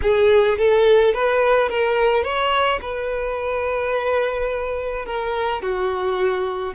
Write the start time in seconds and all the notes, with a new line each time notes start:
0.02 G#4
0.58 A4
1.14 B4
1.69 A#4
2.23 C#5
2.81 B4
5.05 A#4
5.62 F#4